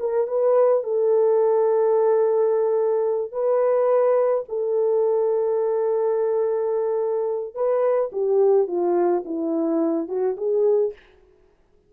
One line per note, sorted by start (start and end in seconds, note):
0.00 0.28 A#4
0.28 0.84 B4
0.84 3.32 A4
3.32 4.45 B4
4.49 7.55 A4
7.55 8.11 B4
8.13 8.68 G4
8.68 9.24 F4
9.25 10.09 E4
10.09 10.37 F#4
10.37 10.93 G#4